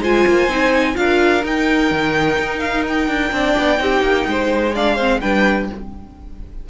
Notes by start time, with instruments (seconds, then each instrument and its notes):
0.00 cello G#3, viola F4, violin C5 G#5
0.27 cello A#3
0.47 cello C4, viola D#4
0.94 cello D4, viola F4, violin A#4 F5
1.43 cello D#4, viola D#4, violin G5
1.91 cello D#3
2.38 cello D#4
2.59 violin F5
2.87 violin G5
3.07 cello D4
3.31 cello C4, viola D4, violin D5
3.57 cello B3
3.77 cello C4, viola D#4, violin G4
4.01 cello A#3
4.26 cello G#3, violin C5
4.74 viola D4, violin D5 F5
4.95 viola C4, violin C5
5.20 cello G3, viola D4, violin B4 G5